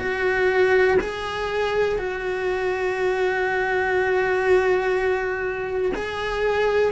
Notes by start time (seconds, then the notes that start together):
0.00 F#4
1.01 G#4
1.99 F#4
5.96 G#4